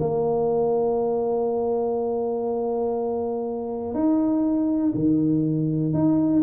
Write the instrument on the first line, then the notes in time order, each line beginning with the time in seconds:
tuba
0.00 A#3
3.95 D#4
4.95 D#3
5.94 D#4